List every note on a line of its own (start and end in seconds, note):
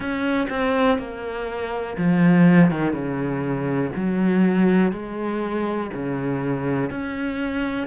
0.00 0.47 C#4
0.49 0.98 C4
0.98 1.96 A#3
1.97 2.70 F3
2.70 2.92 D#3
2.92 3.91 C#3
3.95 4.92 F#3
4.92 5.90 G#3
5.93 6.90 C#3
6.90 7.87 C#4